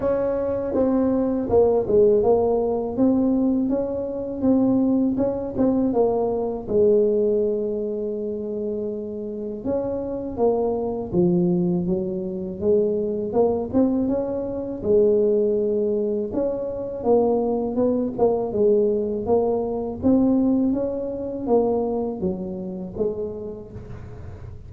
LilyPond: \new Staff \with { instrumentName = "tuba" } { \time 4/4 \tempo 4 = 81 cis'4 c'4 ais8 gis8 ais4 | c'4 cis'4 c'4 cis'8 c'8 | ais4 gis2.~ | gis4 cis'4 ais4 f4 |
fis4 gis4 ais8 c'8 cis'4 | gis2 cis'4 ais4 | b8 ais8 gis4 ais4 c'4 | cis'4 ais4 fis4 gis4 | }